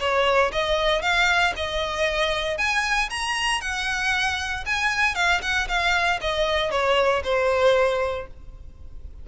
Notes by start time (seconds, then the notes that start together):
0.00 C#5
0.52 D#5
1.02 F5
1.56 D#5
2.58 G#5
3.10 A#5
3.61 F#5
4.66 G#5
5.15 F5
5.42 F#5
5.68 F5
6.21 D#5
6.71 C#5
7.24 C5